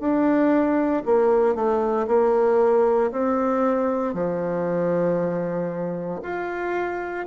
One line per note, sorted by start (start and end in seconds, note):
0.00 1.03 D4
1.06 1.55 A#3
1.55 2.07 A3
2.08 3.11 A#3
3.12 4.14 C4
4.14 6.21 F3
6.23 7.26 F4